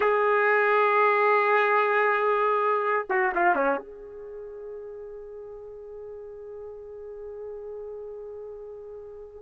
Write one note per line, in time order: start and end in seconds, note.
0.00 3.05 G#4
3.09 3.32 F#4
3.34 3.55 F4
3.55 3.78 C#4
3.78 9.42 G#4